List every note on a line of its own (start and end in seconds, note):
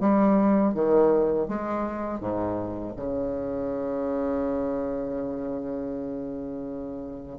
0.00 0.74 G3
0.74 1.48 D#3
1.48 2.20 G#3
2.20 2.94 G#2
2.96 7.38 C#3